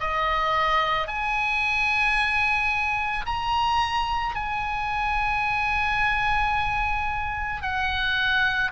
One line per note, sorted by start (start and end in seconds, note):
0.00 1.07 D#5
1.07 3.25 G#5
3.26 4.35 A#5
4.35 7.62 G#5
7.62 8.71 F#5